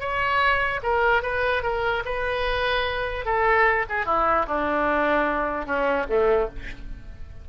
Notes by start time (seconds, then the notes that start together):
0.00 C#5
0.83 A#4
1.22 B4
1.63 A#4
2.05 B4
3.25 A4
3.89 G#4
4.06 E4
4.47 D4
5.66 C#4
6.09 A3